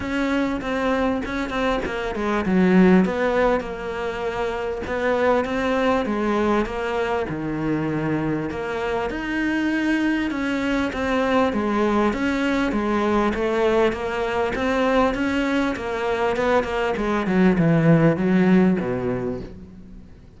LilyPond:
\new Staff \with { instrumentName = "cello" } { \time 4/4 \tempo 4 = 99 cis'4 c'4 cis'8 c'8 ais8 gis8 | fis4 b4 ais2 | b4 c'4 gis4 ais4 | dis2 ais4 dis'4~ |
dis'4 cis'4 c'4 gis4 | cis'4 gis4 a4 ais4 | c'4 cis'4 ais4 b8 ais8 | gis8 fis8 e4 fis4 b,4 | }